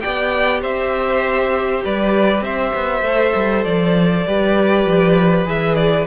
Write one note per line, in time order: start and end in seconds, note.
0.00 0.63 B3
0.00 3.04 G4
0.00 0.61 D5
0.00 0.61 G5
0.61 1.84 C4
0.61 1.83 C5
0.61 1.84 E5
1.84 2.41 G3
1.84 2.44 B4
1.84 2.43 D5
2.41 2.71 C4
2.41 4.26 C5
2.41 3.64 E5
2.74 3.02 B3
3.02 3.32 A3
3.02 4.27 A4
3.35 3.65 G3
3.64 4.26 F3
3.64 5.46 D5
4.27 4.85 G3
4.27 5.45 G4
4.27 6.07 B4
4.85 5.45 F3
5.45 6.06 E3
5.45 6.06 G#4
5.45 5.75 E5
5.75 6.05 D5